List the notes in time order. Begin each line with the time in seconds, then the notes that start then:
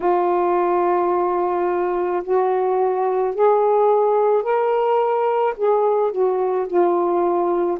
0.00 F4
2.23 F#4
3.34 G#4
4.42 A#4
5.56 G#4
6.11 F#4
6.67 F4